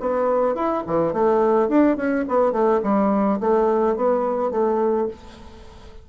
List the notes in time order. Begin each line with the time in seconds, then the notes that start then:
0.00 B3
0.55 E4
0.87 E3
1.13 A3
1.69 D4
1.97 C#4
2.28 B3
2.52 A3
2.83 G3
3.40 A3
3.96 B3
4.51 A3